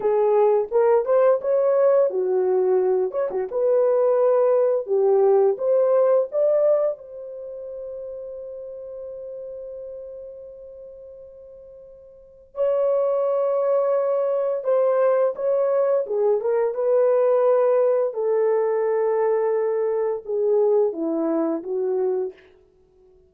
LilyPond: \new Staff \with { instrumentName = "horn" } { \time 4/4 \tempo 4 = 86 gis'4 ais'8 c''8 cis''4 fis'4~ | fis'8 cis''16 fis'16 b'2 g'4 | c''4 d''4 c''2~ | c''1~ |
c''2 cis''2~ | cis''4 c''4 cis''4 gis'8 ais'8 | b'2 a'2~ | a'4 gis'4 e'4 fis'4 | }